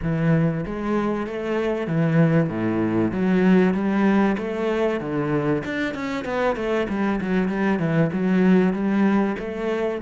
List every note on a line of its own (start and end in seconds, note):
0.02 0.64 E3
0.66 1.26 G#3
1.26 1.87 A3
1.87 2.49 E3
2.49 3.11 A2
3.11 3.73 F#3
3.73 4.36 G3
4.38 5.00 A3
5.00 5.62 D3
5.64 5.94 D4
5.94 6.24 C#4
6.24 6.55 B3
6.56 6.87 A3
6.89 7.20 G3
7.20 7.48 F#3
7.48 7.79 G3
7.79 8.10 E3
8.12 8.73 F#3
8.73 9.36 G3
9.39 10.01 A3